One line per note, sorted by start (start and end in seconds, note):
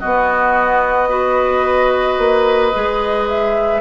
0.00 1.09 B3
0.00 2.18 B3
0.00 1.09 F#4
0.00 3.28 D#5
1.09 2.72 F#4
1.09 3.81 B4
2.18 2.73 A#3
2.74 3.81 G#3
2.74 3.81 G#4
3.29 3.81 E5